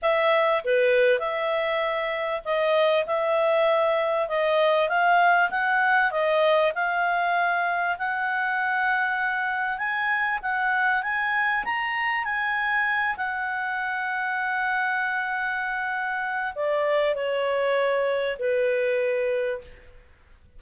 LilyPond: \new Staff \with { instrumentName = "clarinet" } { \time 4/4 \tempo 4 = 98 e''4 b'4 e''2 | dis''4 e''2 dis''4 | f''4 fis''4 dis''4 f''4~ | f''4 fis''2. |
gis''4 fis''4 gis''4 ais''4 | gis''4. fis''2~ fis''8~ | fis''2. d''4 | cis''2 b'2 | }